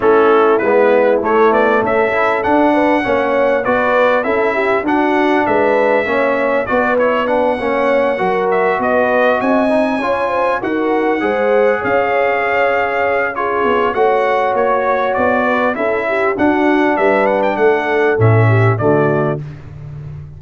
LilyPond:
<<
  \new Staff \with { instrumentName = "trumpet" } { \time 4/4 \tempo 4 = 99 a'4 b'4 cis''8 d''8 e''4 | fis''2 d''4 e''4 | fis''4 e''2 d''8 cis''8 | fis''2 e''8 dis''4 gis''8~ |
gis''4. fis''2 f''8~ | f''2 cis''4 fis''4 | cis''4 d''4 e''4 fis''4 | e''8 fis''16 g''16 fis''4 e''4 d''4 | }
  \new Staff \with { instrumentName = "horn" } { \time 4/4 e'2. a'4~ | a'8 b'8 cis''4 b'4 a'8 g'8 | fis'4 b'4 cis''4 b'4~ | b'8 cis''4 ais'4 b'4 dis''8~ |
dis''8 cis''8 c''8 ais'4 c''4 cis''8~ | cis''2 gis'4 cis''4~ | cis''4. b'8 a'8 g'8 fis'4 | b'4 a'4. g'8 fis'4 | }
  \new Staff \with { instrumentName = "trombone" } { \time 4/4 cis'4 b4 a4. e'8 | d'4 cis'4 fis'4 e'4 | d'2 cis'4 fis'8 e'8 | d'8 cis'4 fis'2~ fis'8 |
dis'8 f'4 fis'4 gis'4.~ | gis'2 f'4 fis'4~ | fis'2 e'4 d'4~ | d'2 cis'4 a4 | }
  \new Staff \with { instrumentName = "tuba" } { \time 4/4 a4 gis4 a8 b8 cis'4 | d'4 ais4 b4 cis'4 | d'4 gis4 ais4 b4~ | b8 ais4 fis4 b4 c'8~ |
c'8 cis'4 dis'4 gis4 cis'8~ | cis'2~ cis'8 b8 a4 | ais4 b4 cis'4 d'4 | g4 a4 a,4 d4 | }
>>